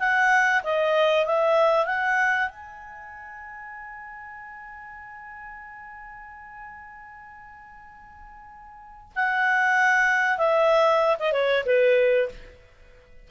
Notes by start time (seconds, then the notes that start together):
0.00 F#5
0.64 D#5
1.26 E5
1.86 F#5
2.49 G#5
9.16 F#5
10.38 E5
11.19 D#5
11.33 C#5
11.66 B4